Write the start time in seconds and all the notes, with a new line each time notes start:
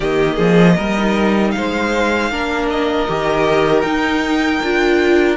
0.00 D#3 A#3 G4 D#5
0.35 F3 G#4
0.75 G3 A#4
0.98 D#4
1.51 G#3 C5 F5
2.30 A#3 D4 A#4
2.70 D#5
3.08 D#3 G4
3.81 D#4 G5
4.62 D4 F4